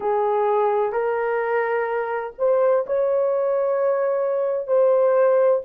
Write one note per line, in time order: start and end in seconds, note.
0.00 0.92 G#4
0.92 2.33 A#4
2.38 2.85 C5
2.86 4.67 C#5
4.67 5.60 C5